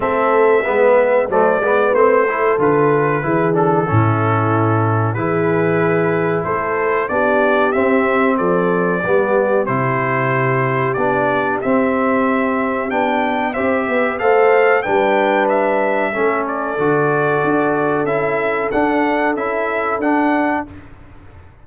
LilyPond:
<<
  \new Staff \with { instrumentName = "trumpet" } { \time 4/4 \tempo 4 = 93 e''2 d''4 c''4 | b'4. a'2~ a'8 | b'2 c''4 d''4 | e''4 d''2 c''4~ |
c''4 d''4 e''2 | g''4 e''4 f''4 g''4 | e''4. d''2~ d''8 | e''4 fis''4 e''4 fis''4 | }
  \new Staff \with { instrumentName = "horn" } { \time 4/4 a'4 b'4 c''8 b'4 a'8~ | a'4 gis'4 e'2 | gis'2 a'4 g'4~ | g'4 a'4 g'2~ |
g'1~ | g'4 c''8 b8 c''4 b'4~ | b'4 a'2.~ | a'1 | }
  \new Staff \with { instrumentName = "trombone" } { \time 4/4 c'4 b4 a8 b8 c'8 e'8 | f'4 e'8 d'8 cis'2 | e'2. d'4 | c'2 b4 e'4~ |
e'4 d'4 c'2 | d'4 g'4 a'4 d'4~ | d'4 cis'4 fis'2 | e'4 d'4 e'4 d'4 | }
  \new Staff \with { instrumentName = "tuba" } { \time 4/4 a4 gis4 fis8 gis8 a4 | d4 e4 a,2 | e2 a4 b4 | c'4 f4 g4 c4~ |
c4 b4 c'2 | b4 c'8 b8 a4 g4~ | g4 a4 d4 d'4 | cis'4 d'4 cis'4 d'4 | }
>>